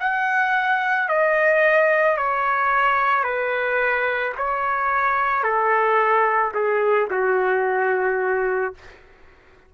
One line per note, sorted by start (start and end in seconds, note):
0.00 1.09 F#5
1.09 2.17 D#5
2.17 3.24 C#5
3.24 4.33 B4
4.38 5.44 C#5
5.44 6.53 A4
6.55 7.09 G#4
7.11 8.75 F#4